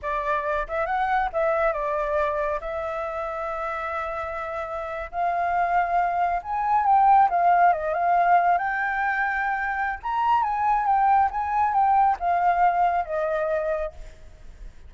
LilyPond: \new Staff \with { instrumentName = "flute" } { \time 4/4 \tempo 4 = 138 d''4. e''8 fis''4 e''4 | d''2 e''2~ | e''2.~ e''8. f''16~ | f''2~ f''8. gis''4 g''16~ |
g''8. f''4 dis''8 f''4. g''16~ | g''2. ais''4 | gis''4 g''4 gis''4 g''4 | f''2 dis''2 | }